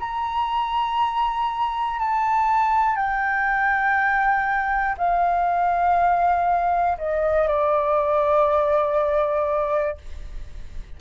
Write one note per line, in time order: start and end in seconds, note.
0.00 1.99 A#5
1.99 2.96 A5
2.96 4.96 G5
4.98 6.98 F5
6.98 7.48 D#5
7.48 9.98 D5